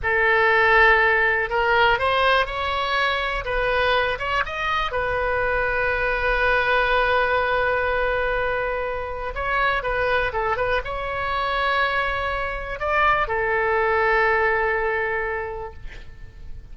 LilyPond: \new Staff \with { instrumentName = "oboe" } { \time 4/4 \tempo 4 = 122 a'2. ais'4 | c''4 cis''2 b'4~ | b'8 cis''8 dis''4 b'2~ | b'1~ |
b'2. cis''4 | b'4 a'8 b'8 cis''2~ | cis''2 d''4 a'4~ | a'1 | }